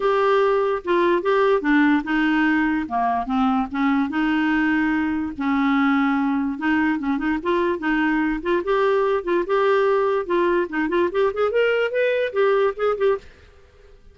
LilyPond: \new Staff \with { instrumentName = "clarinet" } { \time 4/4 \tempo 4 = 146 g'2 f'4 g'4 | d'4 dis'2 ais4 | c'4 cis'4 dis'2~ | dis'4 cis'2. |
dis'4 cis'8 dis'8 f'4 dis'4~ | dis'8 f'8 g'4. f'8 g'4~ | g'4 f'4 dis'8 f'8 g'8 gis'8 | ais'4 b'4 g'4 gis'8 g'8 | }